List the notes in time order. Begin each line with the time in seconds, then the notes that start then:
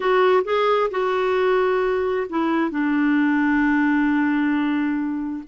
0.00 F#4
0.44 G#4
0.90 F#4
2.29 E4
2.70 D4